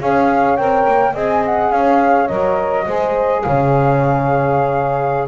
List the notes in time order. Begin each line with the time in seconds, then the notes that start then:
0.00 C#4 G#4 C#5 F5
0.57 C4 A#4 G5
0.87 A#3
1.13 C4 G#4 D#5 G#5
1.46 F#5
1.71 C#4 C#5 F5
2.27 F#3 A#4 D#5
2.86 G#3 G#4 C5
3.42 C#3 C#5 F5